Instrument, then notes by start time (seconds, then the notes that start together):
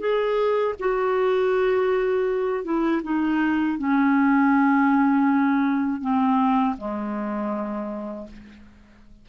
clarinet
0.00 G#4
0.80 F#4
2.65 E4
3.03 D#4
3.78 C#4
6.01 C4
6.78 G#3